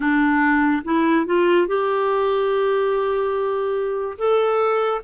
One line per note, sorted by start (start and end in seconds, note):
0.00 0.82 D4
0.84 1.26 E4
1.26 1.67 F4
1.67 4.17 G4
4.17 5.01 A4